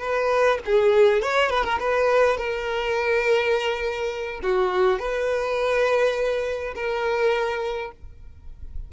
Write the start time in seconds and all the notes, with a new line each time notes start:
0.00 B4
0.65 G#4
1.22 C#5
1.50 B4
1.64 A#4
1.79 B4
2.37 A#4
4.42 F#4
4.99 B4
6.75 A#4